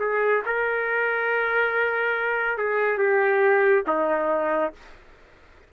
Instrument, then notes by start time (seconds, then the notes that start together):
trumpet
0.00 G#4
0.46 A#4
2.58 G#4
2.98 G4
3.87 D#4